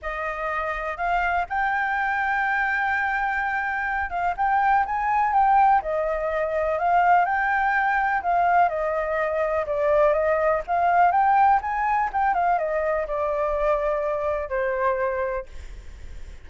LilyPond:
\new Staff \with { instrumentName = "flute" } { \time 4/4 \tempo 4 = 124 dis''2 f''4 g''4~ | g''1~ | g''8 f''8 g''4 gis''4 g''4 | dis''2 f''4 g''4~ |
g''4 f''4 dis''2 | d''4 dis''4 f''4 g''4 | gis''4 g''8 f''8 dis''4 d''4~ | d''2 c''2 | }